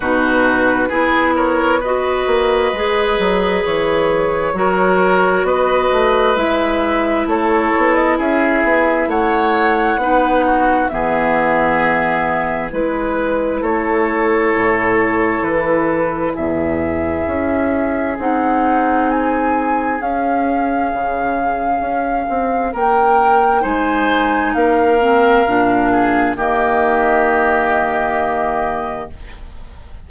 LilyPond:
<<
  \new Staff \with { instrumentName = "flute" } { \time 4/4 \tempo 4 = 66 b'4. cis''8 dis''2 | cis''2 dis''4 e''4 | cis''8. dis''16 e''4 fis''2 | e''2 b'4 cis''4~ |
cis''4 b'4 e''2 | fis''4 gis''4 f''2~ | f''4 g''4 gis''4 f''4~ | f''4 dis''2. | }
  \new Staff \with { instrumentName = "oboe" } { \time 4/4 fis'4 gis'8 ais'8 b'2~ | b'4 ais'4 b'2 | a'4 gis'4 cis''4 b'8 fis'8 | gis'2 b'4 a'4~ |
a'2 gis'2~ | gis'1~ | gis'4 ais'4 c''4 ais'4~ | ais'8 gis'8 g'2. | }
  \new Staff \with { instrumentName = "clarinet" } { \time 4/4 dis'4 e'4 fis'4 gis'4~ | gis'4 fis'2 e'4~ | e'2. dis'4 | b2 e'2~ |
e'1 | dis'2 cis'2~ | cis'2 dis'4. c'8 | d'4 ais2. | }
  \new Staff \with { instrumentName = "bassoon" } { \time 4/4 b,4 b4. ais8 gis8 fis8 | e4 fis4 b8 a8 gis4 | a8 b8 cis'8 b8 a4 b4 | e2 gis4 a4 |
a,4 e4 e,4 cis'4 | c'2 cis'4 cis4 | cis'8 c'8 ais4 gis4 ais4 | ais,4 dis2. | }
>>